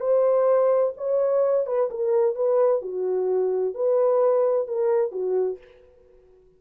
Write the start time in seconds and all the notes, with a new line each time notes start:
0.00 C5
0.97 C#5
1.66 B4
1.90 A#4
2.35 B4
2.82 F#4
3.74 B4
4.67 A#4
5.11 F#4